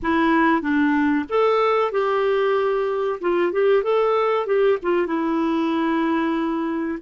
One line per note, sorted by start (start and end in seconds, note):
0.02 0.61 E4
0.61 1.25 D4
1.29 1.91 A4
1.91 3.19 G4
3.20 3.52 F4
3.52 3.83 G4
3.83 4.46 A4
4.46 4.78 G4
4.82 5.07 F4
5.07 6.98 E4